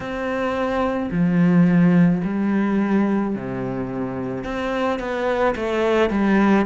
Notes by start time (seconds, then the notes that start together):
0.00 C4
1.11 F3
2.24 G3
3.35 C3
4.44 C4
4.99 B3
5.56 A3
6.10 G3